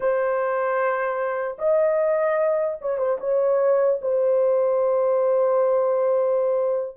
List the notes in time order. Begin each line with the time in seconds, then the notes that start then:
0.00 C5
1.58 D#5
2.81 C#5
2.97 C5
3.20 C#5
4.01 C5